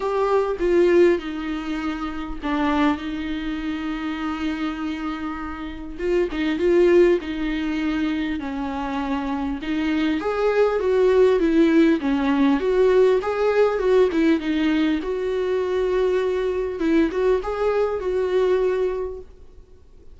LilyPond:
\new Staff \with { instrumentName = "viola" } { \time 4/4 \tempo 4 = 100 g'4 f'4 dis'2 | d'4 dis'2.~ | dis'2 f'8 dis'8 f'4 | dis'2 cis'2 |
dis'4 gis'4 fis'4 e'4 | cis'4 fis'4 gis'4 fis'8 e'8 | dis'4 fis'2. | e'8 fis'8 gis'4 fis'2 | }